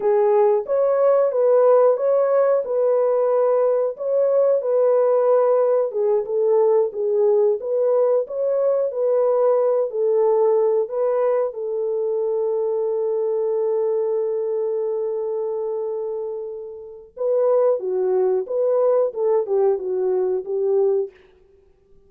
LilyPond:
\new Staff \with { instrumentName = "horn" } { \time 4/4 \tempo 4 = 91 gis'4 cis''4 b'4 cis''4 | b'2 cis''4 b'4~ | b'4 gis'8 a'4 gis'4 b'8~ | b'8 cis''4 b'4. a'4~ |
a'8 b'4 a'2~ a'8~ | a'1~ | a'2 b'4 fis'4 | b'4 a'8 g'8 fis'4 g'4 | }